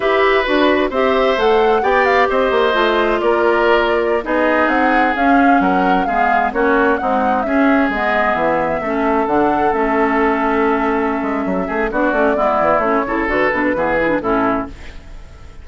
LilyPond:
<<
  \new Staff \with { instrumentName = "flute" } { \time 4/4 \tempo 4 = 131 e''4 b'4 e''4 fis''4 | g''8 f''8 dis''2 d''4~ | d''4~ d''16 dis''4 fis''4 f''8.~ | f''16 fis''4 f''4 cis''4 fis''8.~ |
fis''16 e''4 dis''4 e''4.~ e''16~ | e''16 fis''4 e''2~ e''8.~ | e''2 d''2 | cis''4 b'2 a'4 | }
  \new Staff \with { instrumentName = "oboe" } { \time 4/4 b'2 c''2 | d''4 c''2 ais'4~ | ais'4~ ais'16 gis'2~ gis'8.~ | gis'16 ais'4 gis'4 fis'4 dis'8.~ |
dis'16 gis'2. a'8.~ | a'1~ | a'4. gis'8 fis'4 e'4~ | e'8 a'4. gis'4 e'4 | }
  \new Staff \with { instrumentName = "clarinet" } { \time 4/4 g'4 fis'4 g'4 a'4 | g'2 f'2~ | f'4~ f'16 dis'2 cis'8.~ | cis'4~ cis'16 b4 cis'4 gis8.~ |
gis16 cis'4 b2 cis'8.~ | cis'16 d'4 cis'2~ cis'8.~ | cis'2 d'8 cis'8 b4 | cis'8 e'8 fis'8 d'8 b8 e'16 d'16 cis'4 | }
  \new Staff \with { instrumentName = "bassoon" } { \time 4/4 e'4 d'4 c'4 a4 | b4 c'8 ais8 a4 ais4~ | ais4~ ais16 b4 c'4 cis'8.~ | cis'16 fis4 gis4 ais4 c'8.~ |
c'16 cis'4 gis4 e4 a8.~ | a16 d4 a2~ a8.~ | a8 gis8 fis8 a8 b8 a8 gis8 e8 | a8 cis8 d8 b,8 e4 a,4 | }
>>